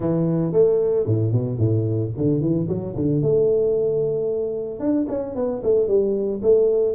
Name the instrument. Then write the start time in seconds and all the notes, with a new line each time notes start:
tuba
0.00 E3
0.52 A3
1.06 A2
1.32 B2
1.58 A2
2.17 D3
2.40 E3
2.68 F#3
2.95 D3
3.22 A3
4.79 D4
5.09 C#4
5.35 B3
5.63 A3
5.87 G3
6.42 A3